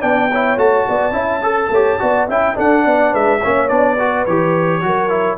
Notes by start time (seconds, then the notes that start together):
0.00 B3 D4 D5 G5
0.31 E4 C#5
0.57 A3 F#4 A5
0.88 B3 D5
1.11 C#4 E4 E5
1.42 A4
1.69 A3 G4 C#5
1.99 B3 F#4 D5
2.28 C#4 E4 E5 G5
2.54 D4 A4 F#5
2.83 B3 D5
3.10 G#3 B4 E5
3.40 A#3 C#4 C#5
3.68 B3 D4 D5
3.96 F#4 B4
4.25 E3 G4 C#5
4.81 F#3 F#4 A#4
5.08 E4